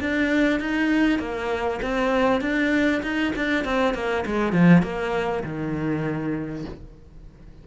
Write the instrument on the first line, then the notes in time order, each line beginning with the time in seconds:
cello
0.00 D4
0.60 D#4
1.19 A#3
1.82 C4
2.41 D4
3.03 D#4
3.36 D4
3.64 C4
3.94 A#3
4.26 G#3
4.53 F3
4.83 A#3
5.44 D#3